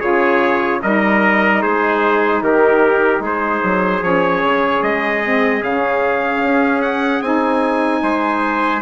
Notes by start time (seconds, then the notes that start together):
0.00 C#3 F4 G#4 C#5
0.83 G3 D#4 A#4 D#5
1.62 G#3 G#4 C5
2.43 D#3 G4 A#4
3.20 G#3 G#4
3.26 C5
3.64 F#3
4.02 F3 C#4 C#5
4.43 C#3
4.83 G#3 D#5
5.23 C4
5.62 C#3 C#4 F5
6.44 C#4
6.82 F#5
7.22 C4 D#4 G#5
8.03 G#3 C5